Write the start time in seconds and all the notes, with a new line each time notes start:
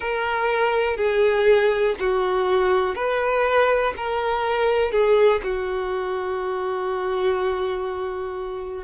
0.00 A#4
0.97 G#4
1.99 F#4
2.95 B4
3.97 A#4
4.91 G#4
5.43 F#4